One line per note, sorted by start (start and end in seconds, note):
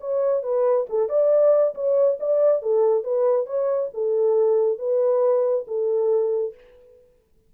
0.00 0.43 C#5
0.43 0.86 B4
0.89 1.09 A4
1.09 1.74 D5
1.75 2.18 C#5
2.20 2.62 D5
2.62 3.04 A4
3.04 3.46 B4
3.46 3.90 C#5
3.94 4.78 A4
4.78 5.65 B4
5.67 6.54 A4